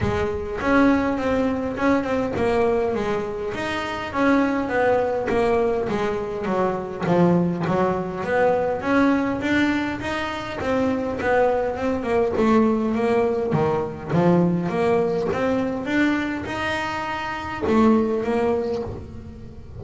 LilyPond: \new Staff \with { instrumentName = "double bass" } { \time 4/4 \tempo 4 = 102 gis4 cis'4 c'4 cis'8 c'8 | ais4 gis4 dis'4 cis'4 | b4 ais4 gis4 fis4 | f4 fis4 b4 cis'4 |
d'4 dis'4 c'4 b4 | c'8 ais8 a4 ais4 dis4 | f4 ais4 c'4 d'4 | dis'2 a4 ais4 | }